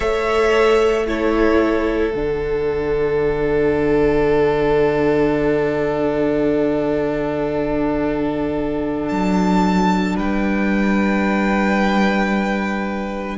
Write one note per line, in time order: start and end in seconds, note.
0.00 2.13 A3
0.00 1.06 A4
0.00 1.06 C#5
0.00 1.06 E5
1.06 2.13 E4
1.06 10.15 A4
1.06 2.14 C#5
2.14 9.10 D3
2.14 13.38 D4
2.14 9.08 F#5
9.08 10.17 F#3
9.08 10.15 A5
10.15 13.38 G3
10.15 13.37 B4
10.15 13.38 G5